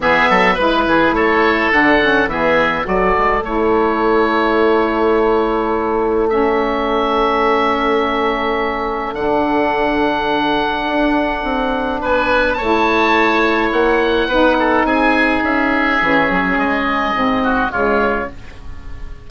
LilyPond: <<
  \new Staff \with { instrumentName = "oboe" } { \time 4/4 \tempo 4 = 105 e''4 b'4 cis''4 fis''4 | e''4 d''4 cis''2~ | cis''2. e''4~ | e''1 |
fis''1~ | fis''4 gis''4 a''2 | fis''2 gis''4 e''4~ | e''4 dis''2 cis''4 | }
  \new Staff \with { instrumentName = "oboe" } { \time 4/4 gis'8 a'8 b'8 gis'8 a'2 | gis'4 a'2.~ | a'1~ | a'1~ |
a'1~ | a'4 b'4 cis''2~ | cis''4 b'8 a'8 gis'2~ | gis'2~ gis'8 fis'8 f'4 | }
  \new Staff \with { instrumentName = "saxophone" } { \time 4/4 b4 e'2 d'8 cis'8 | b4 fis'4 e'2~ | e'2. cis'4~ | cis'1 |
d'1~ | d'2 e'2~ | e'4 dis'2. | cis'2 c'4 gis4 | }
  \new Staff \with { instrumentName = "bassoon" } { \time 4/4 e8 fis8 gis8 e8 a4 d4 | e4 fis8 gis8 a2~ | a1~ | a1 |
d2. d'4 | c'4 b4 a2 | ais4 b4 c'4 cis'4 | e8 fis8 gis4 gis,4 cis4 | }
>>